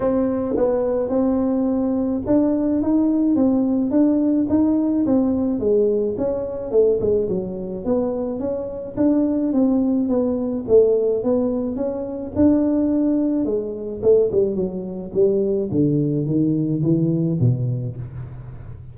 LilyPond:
\new Staff \with { instrumentName = "tuba" } { \time 4/4 \tempo 4 = 107 c'4 b4 c'2 | d'4 dis'4 c'4 d'4 | dis'4 c'4 gis4 cis'4 | a8 gis8 fis4 b4 cis'4 |
d'4 c'4 b4 a4 | b4 cis'4 d'2 | gis4 a8 g8 fis4 g4 | d4 dis4 e4 b,4 | }